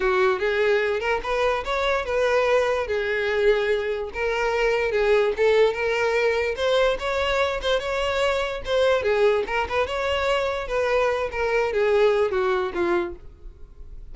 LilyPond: \new Staff \with { instrumentName = "violin" } { \time 4/4 \tempo 4 = 146 fis'4 gis'4. ais'8 b'4 | cis''4 b'2 gis'4~ | gis'2 ais'2 | gis'4 a'4 ais'2 |
c''4 cis''4. c''8 cis''4~ | cis''4 c''4 gis'4 ais'8 b'8 | cis''2 b'4. ais'8~ | ais'8 gis'4. fis'4 f'4 | }